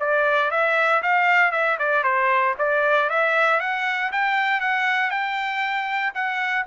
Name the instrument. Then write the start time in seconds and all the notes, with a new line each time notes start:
trumpet
0.00 D5
0.51 E5
1.02 F5
1.52 E5
1.79 D5
2.03 C5
2.58 D5
3.09 E5
3.60 F#5
4.12 G5
4.60 F#5
5.10 G5
6.14 F#5